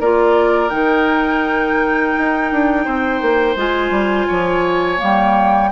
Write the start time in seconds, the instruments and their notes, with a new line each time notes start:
0.00 bassoon A#3, clarinet F4, oboe A#4, flute D5
0.70 bassoon D#3, clarinet D#4, flute G5
2.18 bassoon D#4
2.51 bassoon D4
2.85 bassoon C4, oboe C5
3.21 bassoon A#3
3.56 bassoon G#3, clarinet F4, flute G#5
3.90 bassoon G3
4.27 bassoon F3, oboe C#5
4.97 bassoon G3, clarinet A#3
5.04 flute G5